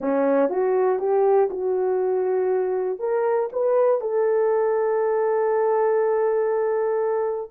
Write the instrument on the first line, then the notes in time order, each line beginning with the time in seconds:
horn
0.00 C#4
0.49 F#4
0.99 G4
1.50 F#4
2.99 A#4
3.52 B4
4.00 A4